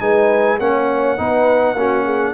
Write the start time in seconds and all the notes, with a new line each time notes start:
0.00 G#3 D#4 B4 G#5
0.59 A#3 C#4 C#5 F#5
1.17 B3 D#4 B4
1.74 A#3 C#4 F#4
2.04 G#4